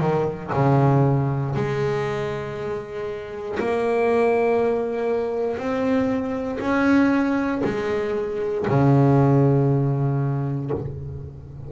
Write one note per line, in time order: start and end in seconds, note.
0.00 0.51 D#3
0.53 1.55 C#3
1.55 3.59 G#3
3.59 5.57 A#3
5.57 6.59 C4
6.60 7.62 C#4
7.65 8.66 G#3
8.68 10.71 C#3